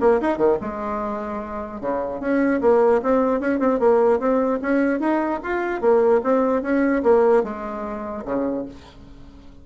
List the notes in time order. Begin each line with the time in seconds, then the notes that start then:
0.00 A#3
0.21 D#4
0.37 D#3
0.61 G#3
1.80 C#3
2.20 C#4
2.61 A#3
3.02 C4
3.40 C#4
3.59 C4
3.79 A#3
4.19 C4
4.61 C#4
5.00 D#4
5.43 F4
5.80 A#3
6.23 C4
6.62 C#4
7.03 A#3
7.43 G#3
8.25 C#3